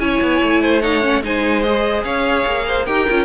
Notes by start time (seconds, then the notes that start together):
0.00 C#4 E4 C#5 G#5
0.21 B3
0.43 A3
0.62 C5
0.82 D#4 C#5 F#5
1.02 C#4
1.22 G#3 D#4 C5 G#5
1.63 G#4 D#5
2.04 C#4 C#5 F5
2.46 A#3
2.68 C5
2.86 D#4 G4 A#4 G5
3.10 C#4 F4